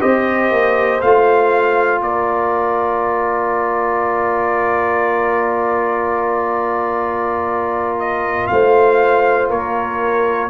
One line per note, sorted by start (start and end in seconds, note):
0.00 0.51 C4
0.00 1.00 G4
0.00 2.00 C5
0.00 1.01 D#5
0.51 1.01 A#3
1.01 2.00 A3
1.01 10.50 F4
1.01 2.01 F5
2.00 8.50 A#3
2.00 8.52 A#4
2.00 7.99 D5
7.99 8.47 D#5
8.47 9.50 A3
8.47 9.50 C5
8.47 9.47 F5
9.50 10.50 A#3
9.50 10.50 A#4
9.50 10.50 C#5